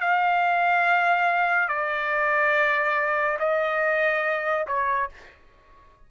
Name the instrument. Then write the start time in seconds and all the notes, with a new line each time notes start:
trumpet
0.00 F5
1.68 D5
3.39 D#5
4.67 C#5